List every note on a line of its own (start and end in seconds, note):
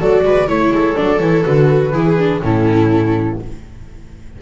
0.00 0.24 F#3
0.00 0.48 F#4
0.00 0.24 A4
0.00 0.49 D5
0.24 0.48 G#3
0.24 0.49 B4
0.48 0.71 A3
0.48 0.96 E4
0.48 0.97 C#5
0.48 0.74 C#5
0.71 0.95 G#3
0.71 1.94 A4
0.96 1.20 F#3
0.96 1.20 D4
0.96 1.19 D5
1.19 1.44 E3
1.19 1.45 E4
1.19 1.44 C#5
1.45 1.94 D3
1.45 1.93 F#4
1.45 2.42 B4
1.94 2.42 E3
1.94 2.18 E4
1.94 2.42 G#4
2.18 2.42 D4
2.42 3.39 A2
2.42 3.39 C#4
2.42 3.42 E4
2.42 3.40 A4